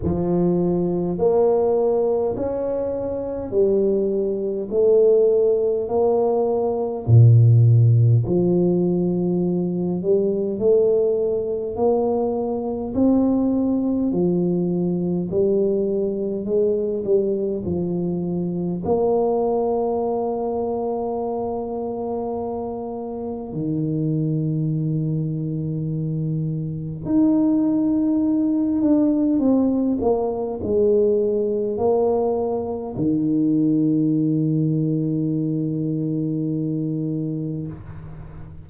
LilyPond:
\new Staff \with { instrumentName = "tuba" } { \time 4/4 \tempo 4 = 51 f4 ais4 cis'4 g4 | a4 ais4 ais,4 f4~ | f8 g8 a4 ais4 c'4 | f4 g4 gis8 g8 f4 |
ais1 | dis2. dis'4~ | dis'8 d'8 c'8 ais8 gis4 ais4 | dis1 | }